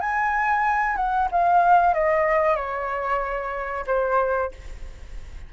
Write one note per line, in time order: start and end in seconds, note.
0.00 0.96 G#5
0.96 1.28 F#5
1.31 1.94 F5
1.94 2.56 D#5
2.56 3.85 C#5
3.87 4.51 C5